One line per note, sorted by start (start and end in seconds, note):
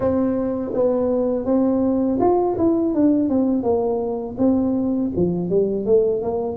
0.00 0.72 C4
0.73 1.45 B3
1.45 2.18 C4
2.20 2.56 F4
2.57 2.94 E4
2.94 3.29 D4
3.29 3.63 C4
3.63 4.36 A#3
4.38 5.11 C4
5.16 5.49 F3
5.49 5.85 G3
5.85 6.22 A3
6.22 6.56 A#3